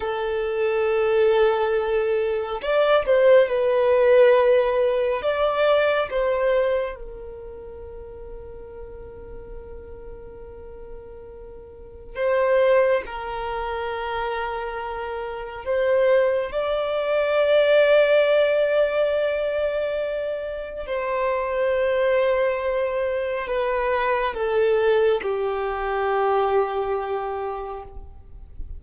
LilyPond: \new Staff \with { instrumentName = "violin" } { \time 4/4 \tempo 4 = 69 a'2. d''8 c''8 | b'2 d''4 c''4 | ais'1~ | ais'2 c''4 ais'4~ |
ais'2 c''4 d''4~ | d''1 | c''2. b'4 | a'4 g'2. | }